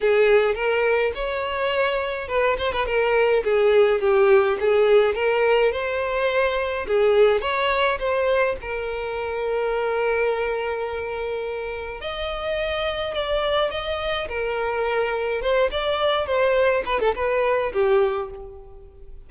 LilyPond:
\new Staff \with { instrumentName = "violin" } { \time 4/4 \tempo 4 = 105 gis'4 ais'4 cis''2 | b'8 c''16 b'16 ais'4 gis'4 g'4 | gis'4 ais'4 c''2 | gis'4 cis''4 c''4 ais'4~ |
ais'1~ | ais'4 dis''2 d''4 | dis''4 ais'2 c''8 d''8~ | d''8 c''4 b'16 a'16 b'4 g'4 | }